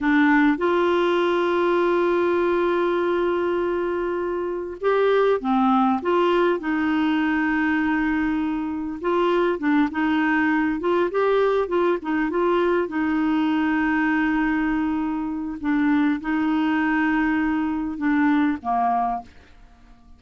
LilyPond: \new Staff \with { instrumentName = "clarinet" } { \time 4/4 \tempo 4 = 100 d'4 f'2.~ | f'1 | g'4 c'4 f'4 dis'4~ | dis'2. f'4 |
d'8 dis'4. f'8 g'4 f'8 | dis'8 f'4 dis'2~ dis'8~ | dis'2 d'4 dis'4~ | dis'2 d'4 ais4 | }